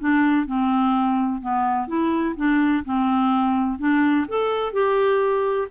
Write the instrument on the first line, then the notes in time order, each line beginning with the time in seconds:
clarinet
0.00 D4
0.47 C4
1.41 B3
1.88 E4
2.37 D4
2.85 C4
3.79 D4
4.29 A4
4.73 G4